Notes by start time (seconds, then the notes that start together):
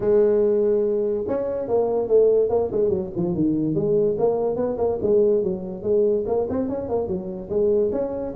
0.00 G#3
1.27 C#4
1.68 A#3
2.08 A3
2.49 A#3
2.71 G#3
2.89 F#3
3.16 F3
3.34 D#3
3.74 G#3
4.18 A#3
4.56 B3
4.77 A#3
5.02 G#3
5.43 F#3
5.82 G#3
6.26 A#3
6.49 C4
6.69 C#4
6.88 A#3
7.07 F#3
7.49 G#3
7.92 C#4